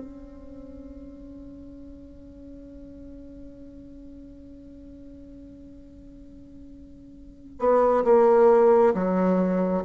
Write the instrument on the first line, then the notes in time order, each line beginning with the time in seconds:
bassoon
0.00 C#4
7.59 B3
8.04 A#3
8.94 F#3